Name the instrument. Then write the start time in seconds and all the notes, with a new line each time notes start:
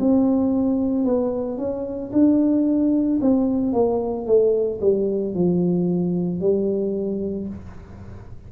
tuba
0.00 C4
1.05 B3
1.58 C#4
2.13 D4
3.21 C4
3.74 A#3
4.27 A3
4.82 G3
5.35 F3
6.41 G3